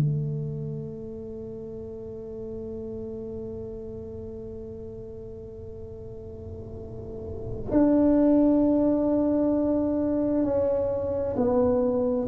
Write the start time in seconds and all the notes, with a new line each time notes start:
0.00 A3
7.71 D4
10.45 C#4
11.36 B3